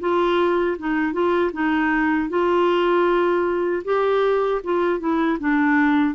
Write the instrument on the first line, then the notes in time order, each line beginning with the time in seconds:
clarinet
0.00 F4
0.78 D#4
1.13 F4
1.53 D#4
2.29 F4
3.85 G4
4.64 F4
5.00 E4
5.40 D4